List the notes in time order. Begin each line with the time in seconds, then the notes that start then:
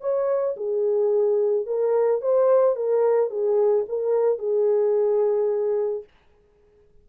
0.00 C#5
0.56 G#4
1.66 A#4
2.21 C5
2.75 A#4
3.30 G#4
3.88 A#4
4.38 G#4